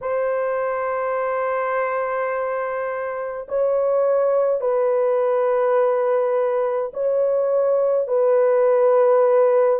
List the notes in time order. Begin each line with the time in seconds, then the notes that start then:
0.01 C5
3.48 C#5
4.60 B4
6.93 C#5
8.07 B4